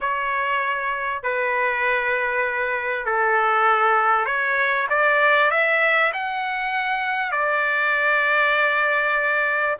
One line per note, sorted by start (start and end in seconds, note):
0.00 1.22 C#5
1.22 3.05 B4
3.05 4.26 A4
4.26 4.87 C#5
4.89 5.50 D5
5.50 6.12 E5
6.13 7.31 F#5
7.31 9.76 D5